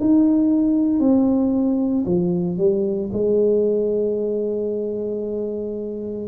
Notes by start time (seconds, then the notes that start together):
0.00 D#4
1.00 C4
2.05 F3
2.57 G3
3.13 G#3